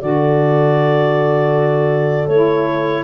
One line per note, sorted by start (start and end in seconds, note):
0.00 2.28 D3
0.00 2.28 F#4
0.00 3.03 A4
0.00 2.28 D5
2.28 3.03 A3
2.28 3.03 E4
2.28 3.03 C#5